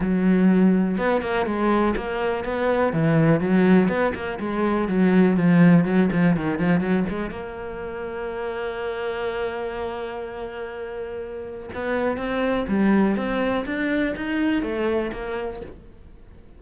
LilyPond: \new Staff \with { instrumentName = "cello" } { \time 4/4 \tempo 4 = 123 fis2 b8 ais8 gis4 | ais4 b4 e4 fis4 | b8 ais8 gis4 fis4 f4 | fis8 f8 dis8 f8 fis8 gis8 ais4~ |
ais1~ | ais1 | b4 c'4 g4 c'4 | d'4 dis'4 a4 ais4 | }